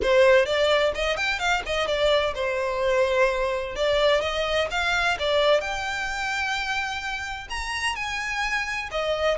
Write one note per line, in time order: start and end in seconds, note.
0.02 0.45 C5
0.45 0.92 D5
0.94 1.17 D#5
1.17 1.39 G5
1.39 1.62 F5
1.65 1.87 D#5
1.87 2.34 D5
2.35 3.75 C5
3.75 4.21 D5
4.21 4.68 D#5
4.70 5.17 F5
5.19 5.60 D5
5.60 7.48 G5
7.49 7.95 A#5
7.95 8.89 G#5
8.91 9.37 D#5